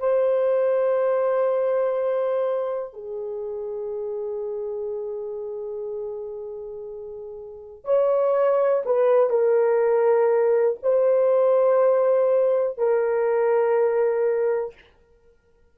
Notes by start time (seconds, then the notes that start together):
0.00 C5
2.94 G#4
7.85 C#5
8.86 B4
9.30 A#4
10.83 C5
12.78 A#4